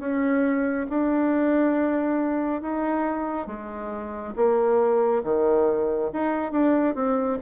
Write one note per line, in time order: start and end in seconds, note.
0.00 0.87 C#4
0.90 2.62 D4
2.62 3.47 D#4
3.47 4.34 G#3
4.36 5.23 A#3
5.24 6.11 D#3
6.13 6.52 D#4
6.52 6.95 D4
6.95 7.39 C4